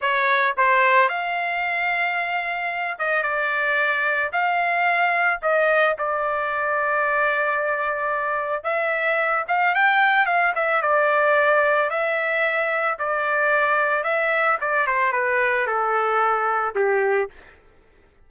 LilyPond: \new Staff \with { instrumentName = "trumpet" } { \time 4/4 \tempo 4 = 111 cis''4 c''4 f''2~ | f''4. dis''8 d''2 | f''2 dis''4 d''4~ | d''1 |
e''4. f''8 g''4 f''8 e''8 | d''2 e''2 | d''2 e''4 d''8 c''8 | b'4 a'2 g'4 | }